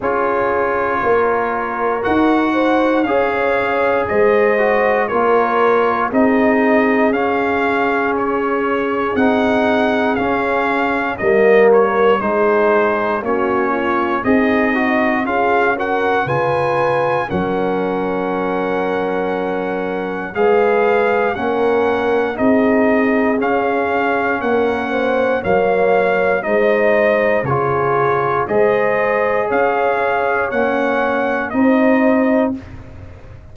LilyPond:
<<
  \new Staff \with { instrumentName = "trumpet" } { \time 4/4 \tempo 4 = 59 cis''2 fis''4 f''4 | dis''4 cis''4 dis''4 f''4 | cis''4 fis''4 f''4 dis''8 cis''8 | c''4 cis''4 dis''4 f''8 fis''8 |
gis''4 fis''2. | f''4 fis''4 dis''4 f''4 | fis''4 f''4 dis''4 cis''4 | dis''4 f''4 fis''4 dis''4 | }
  \new Staff \with { instrumentName = "horn" } { \time 4/4 gis'4 ais'4. c''8 cis''4 | c''4 ais'4 gis'2~ | gis'2. ais'4 | gis'4 fis'8 f'8 dis'4 gis'8 ais'8 |
b'4 ais'2. | b'4 ais'4 gis'2 | ais'8 c''8 cis''4 c''4 gis'4 | c''4 cis''2 c''4 | }
  \new Staff \with { instrumentName = "trombone" } { \time 4/4 f'2 fis'4 gis'4~ | gis'8 fis'8 f'4 dis'4 cis'4~ | cis'4 dis'4 cis'4 ais4 | dis'4 cis'4 gis'8 fis'8 f'8 fis'8 |
f'4 cis'2. | gis'4 cis'4 dis'4 cis'4~ | cis'4 ais4 dis'4 f'4 | gis'2 cis'4 dis'4 | }
  \new Staff \with { instrumentName = "tuba" } { \time 4/4 cis'4 ais4 dis'4 cis'4 | gis4 ais4 c'4 cis'4~ | cis'4 c'4 cis'4 g4 | gis4 ais4 c'4 cis'4 |
cis4 fis2. | gis4 ais4 c'4 cis'4 | ais4 fis4 gis4 cis4 | gis4 cis'4 ais4 c'4 | }
>>